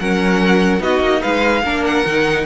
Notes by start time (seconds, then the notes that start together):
0.00 F#3 C#4 A#4 F#5
0.80 B3 D#4 F#4 D#5
1.00 A#3
1.22 G#3 B4 F5
1.63 A#3 D4 A#4
1.85 F#5
2.06 D#3 D#4